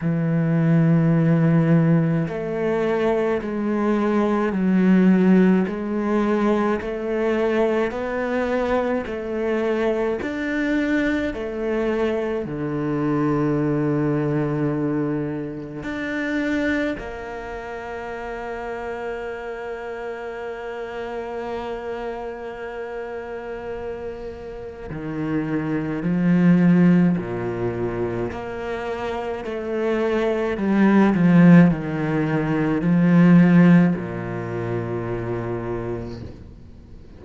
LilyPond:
\new Staff \with { instrumentName = "cello" } { \time 4/4 \tempo 4 = 53 e2 a4 gis4 | fis4 gis4 a4 b4 | a4 d'4 a4 d4~ | d2 d'4 ais4~ |
ais1~ | ais2 dis4 f4 | ais,4 ais4 a4 g8 f8 | dis4 f4 ais,2 | }